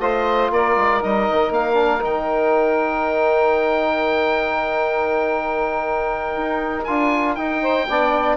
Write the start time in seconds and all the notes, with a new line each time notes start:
0.00 A3 F4 C5 D#5
0.51 A#3 A#4 D5
0.77 G#3
1.01 G3 D#4 D#5
1.30 D#3
1.51 A#3 F5
1.74 D4
2.00 D#3 D#4 G5
6.37 D#4
6.85 D4 F4 G#5
7.35 D#4 G5
7.62 C5
7.89 B3 D4 D5